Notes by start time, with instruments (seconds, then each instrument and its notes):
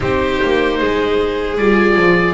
0.00 double bass C4, viola D#4, violin G4, oboe C5
0.43 double bass A#3
0.79 double bass G#3, violin G#4
1.57 double bass G3, viola F4, oboe D5
1.96 double bass F3